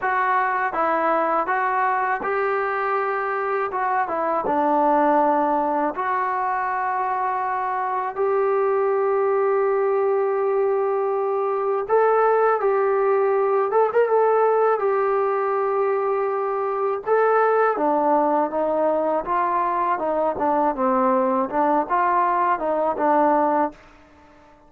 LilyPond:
\new Staff \with { instrumentName = "trombone" } { \time 4/4 \tempo 4 = 81 fis'4 e'4 fis'4 g'4~ | g'4 fis'8 e'8 d'2 | fis'2. g'4~ | g'1 |
a'4 g'4. a'16 ais'16 a'4 | g'2. a'4 | d'4 dis'4 f'4 dis'8 d'8 | c'4 d'8 f'4 dis'8 d'4 | }